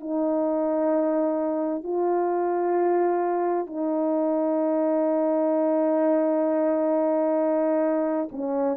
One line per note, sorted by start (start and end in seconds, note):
0.00 1.83 D#4
1.83 3.66 F4
3.66 8.28 D#4
8.31 8.76 C#4